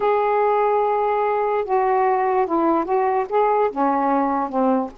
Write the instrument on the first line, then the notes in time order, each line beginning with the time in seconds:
saxophone
0.00 G#4
1.64 F#4
2.46 E4
2.84 F#4
3.29 G#4
3.71 C#4
4.49 C4